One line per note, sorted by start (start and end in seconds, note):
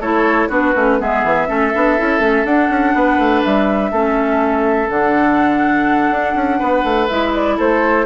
0.00 0.49 A3
0.00 0.50 E4
0.00 0.49 A4
0.00 0.50 C#5
0.49 0.74 B3
0.49 0.74 D4
0.49 0.97 F#4
0.49 1.02 B4
0.75 1.00 A3
0.75 0.99 C#4
0.99 1.24 G#3
0.99 1.47 B3
0.99 1.48 G#4
0.99 2.46 E5
1.24 1.48 E3
1.47 1.74 A3
1.47 1.72 C#4
1.47 2.95 A4
1.74 1.99 B3
1.74 1.97 D4
1.97 2.20 C#4
1.97 2.21 E4
2.20 2.44 A3
2.20 2.45 C#4
2.45 2.69 D4
2.45 3.92 D4
2.45 3.43 F#5
2.69 2.94 C#4
2.94 3.18 B3
2.94 3.91 B4
3.18 3.42 A3
3.43 3.92 G3
3.43 4.90 E5
3.91 4.89 A3
3.91 4.89 C#4
3.91 6.59 A4
4.89 6.10 D3
4.89 7.08 D4
4.89 7.08 F#5
6.10 6.34 D4
6.35 6.59 C#4
6.59 6.84 B3
6.59 7.56 B4
6.84 7.08 A3
7.08 7.59 G#3
7.08 8.06 E4
7.08 7.33 E5
7.34 7.58 D5
7.57 8.06 A3
7.57 8.05 A4
7.57 8.06 C5